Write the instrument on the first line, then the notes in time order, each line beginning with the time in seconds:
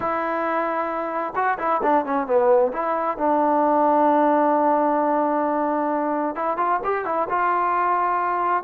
trombone
0.00 E4
1.35 F#4
1.58 E4
1.82 D4
2.05 C#4
2.26 B3
2.72 E4
3.17 D4
6.35 E4
6.57 F4
6.84 G4
7.05 E4
7.29 F4